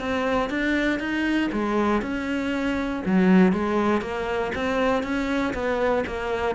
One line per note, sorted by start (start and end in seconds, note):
0.00 0.50 C4
0.50 1.00 D4
1.00 1.50 D#4
1.52 2.02 G#3
2.02 3.03 C#4
3.06 3.53 F#3
3.53 4.02 G#3
4.02 4.52 A#3
4.55 5.04 C4
5.04 5.54 C#4
5.54 6.05 B3
6.07 6.56 A#3